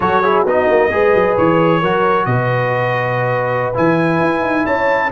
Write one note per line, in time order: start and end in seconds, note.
0.00 0.45 F#3
0.00 0.23 F#4
0.00 0.22 A4
0.00 0.43 C#5
0.22 0.46 E4
0.22 0.43 G#4
0.43 0.67 B3
0.43 0.90 D#4
0.43 0.88 F#4
0.43 1.37 D#5
0.68 0.91 A#3
0.90 1.14 G#3
0.90 1.81 G#4
0.90 1.80 B4
1.14 1.37 F#3
1.37 1.82 E3
1.37 2.25 C#5
1.80 2.26 F#3
1.80 3.74 F#4
1.80 2.25 A#4
2.25 3.73 B2
2.25 4.66 B4
2.25 3.73 D#5
3.74 4.20 E3
3.74 5.10 E4
3.74 4.65 G#5
4.20 4.42 E4
4.42 4.65 D#4
4.65 5.11 C#4
4.65 5.11 C#5
4.65 5.11 A5